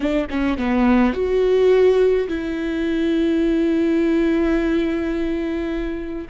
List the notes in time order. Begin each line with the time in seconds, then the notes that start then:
0.00 D4
0.30 C#4
0.57 B3
1.13 F#4
2.28 E4